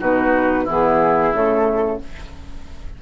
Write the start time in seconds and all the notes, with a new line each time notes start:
0.00 B2 D#4 F#4 B4
0.64 E3 B3 E4 G#4
1.33 C#3 A3 A4